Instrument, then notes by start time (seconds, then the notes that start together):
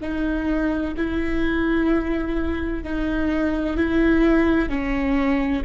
viola
0.00 D#4
0.96 E4
2.83 D#4
3.76 E4
4.69 C#4